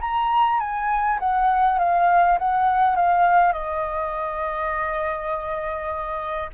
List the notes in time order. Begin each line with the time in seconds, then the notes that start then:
0.00 A#5
0.59 G#5
1.19 F#5
1.78 F5
2.38 F#5
2.95 F5
3.52 D#5